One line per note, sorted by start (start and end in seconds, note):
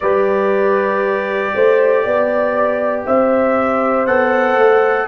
0.00 1.53 G3
0.00 4.07 G4
0.00 1.54 B4
0.00 3.02 D5
1.54 2.05 A3
1.54 2.03 C5
2.03 3.07 B3
2.03 3.05 D5
3.06 4.07 C4
3.06 5.07 C5
3.06 4.06 E5
4.06 4.57 B3
4.06 5.07 A4
4.06 5.07 F#5
4.57 5.07 A3